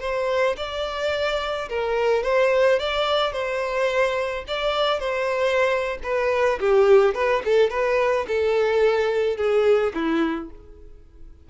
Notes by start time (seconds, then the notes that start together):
0.00 C5
0.57 D5
1.69 A#4
2.23 C5
2.79 D5
3.32 C5
4.48 D5
5.00 C5
6.03 B4
6.60 G4
7.14 B4
7.45 A4
7.70 B4
8.27 A4
9.37 G#4
9.94 E4